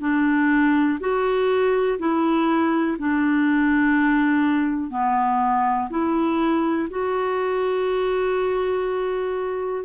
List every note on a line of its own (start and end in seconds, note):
0.00 0.98 D4
1.00 1.98 F#4
1.99 2.97 E4
2.99 4.90 D4
4.90 5.88 B3
5.90 6.88 E4
6.89 9.85 F#4